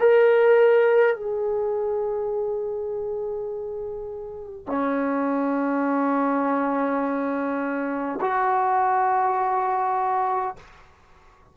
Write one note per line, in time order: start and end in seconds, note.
0.00 1.16 A#4
1.16 4.67 G#4
4.67 8.20 C#4
8.21 10.56 F#4